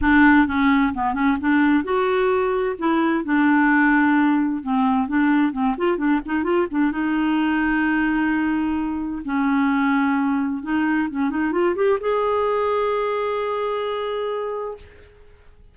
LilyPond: \new Staff \with { instrumentName = "clarinet" } { \time 4/4 \tempo 4 = 130 d'4 cis'4 b8 cis'8 d'4 | fis'2 e'4 d'4~ | d'2 c'4 d'4 | c'8 f'8 d'8 dis'8 f'8 d'8 dis'4~ |
dis'1 | cis'2. dis'4 | cis'8 dis'8 f'8 g'8 gis'2~ | gis'1 | }